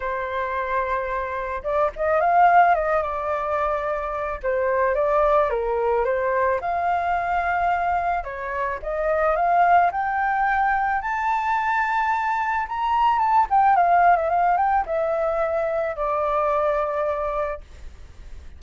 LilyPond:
\new Staff \with { instrumentName = "flute" } { \time 4/4 \tempo 4 = 109 c''2. d''8 dis''8 | f''4 dis''8 d''2~ d''8 | c''4 d''4 ais'4 c''4 | f''2. cis''4 |
dis''4 f''4 g''2 | a''2. ais''4 | a''8 g''8 f''8. e''16 f''8 g''8 e''4~ | e''4 d''2. | }